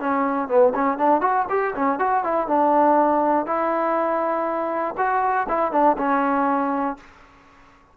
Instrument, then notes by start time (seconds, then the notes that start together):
trombone
0.00 C#4
0.48 B3
0.74 C#4
0.98 D4
1.21 F#4
1.49 G4
1.76 C#4
1.99 F#4
2.24 E4
2.47 D4
3.46 E4
4.97 F#4
5.49 E4
5.72 D4
5.98 C#4